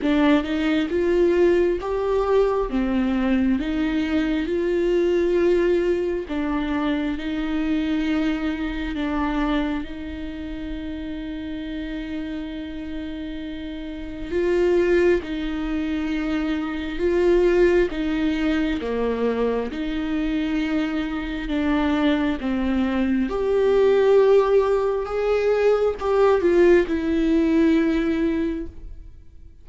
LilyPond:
\new Staff \with { instrumentName = "viola" } { \time 4/4 \tempo 4 = 67 d'8 dis'8 f'4 g'4 c'4 | dis'4 f'2 d'4 | dis'2 d'4 dis'4~ | dis'1 |
f'4 dis'2 f'4 | dis'4 ais4 dis'2 | d'4 c'4 g'2 | gis'4 g'8 f'8 e'2 | }